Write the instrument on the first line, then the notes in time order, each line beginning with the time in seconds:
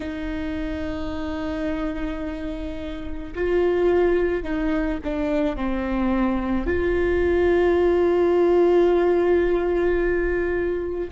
viola
0.00 D#4
3.34 F4
4.43 D#4
5.04 D4
5.56 C4
6.66 F4